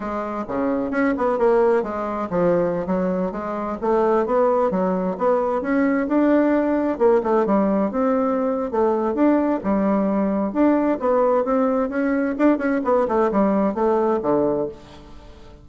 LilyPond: \new Staff \with { instrumentName = "bassoon" } { \time 4/4 \tempo 4 = 131 gis4 cis4 cis'8 b8 ais4 | gis4 f4~ f16 fis4 gis8.~ | gis16 a4 b4 fis4 b8.~ | b16 cis'4 d'2 ais8 a16~ |
a16 g4 c'4.~ c'16 a4 | d'4 g2 d'4 | b4 c'4 cis'4 d'8 cis'8 | b8 a8 g4 a4 d4 | }